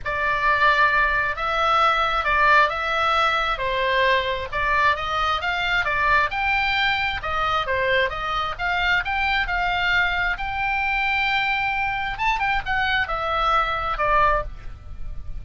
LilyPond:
\new Staff \with { instrumentName = "oboe" } { \time 4/4 \tempo 4 = 133 d''2. e''4~ | e''4 d''4 e''2 | c''2 d''4 dis''4 | f''4 d''4 g''2 |
dis''4 c''4 dis''4 f''4 | g''4 f''2 g''4~ | g''2. a''8 g''8 | fis''4 e''2 d''4 | }